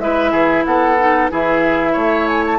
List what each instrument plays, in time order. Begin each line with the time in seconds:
0.00 bassoon G#3, clarinet E4, oboe B4, flute E5
0.32 bassoon E3, oboe G#4
0.65 bassoon B3, oboe A4, flute F#5
0.99 clarinet D#4
1.31 bassoon E3, clarinet E4, oboe G#4, flute E5
1.93 bassoon A3, oboe C#5
2.28 flute G#5
2.47 flute A5